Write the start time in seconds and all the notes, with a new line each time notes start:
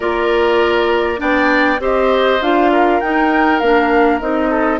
0.00 A#3 F4 A#4 D5
1.17 B3 D4 D5 G5
1.79 C4 G4 C5 D#5
2.41 D4 F4 F5
2.71 A#4
3.00 D#4 G5
3.59 A#3 D4 F5
4.19 C4 D#4 D#5
4.50 A4